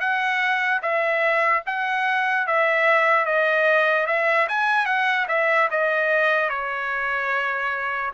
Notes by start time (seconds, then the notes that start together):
0.00 F#5
0.82 E5
1.66 F#5
2.47 E5
3.25 D#5
4.07 E5
4.49 G#5
4.86 F#5
5.28 E5
5.71 D#5
6.49 C#5